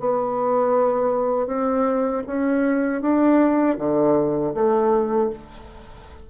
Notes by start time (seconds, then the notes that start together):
0.00 B3
1.47 C4
2.27 C#4
3.02 D4
3.78 D3
4.54 A3